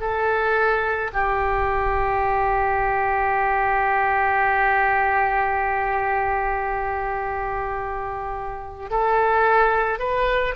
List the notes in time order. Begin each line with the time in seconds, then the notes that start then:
0.00 A4
1.13 G4
8.90 A4
9.99 B4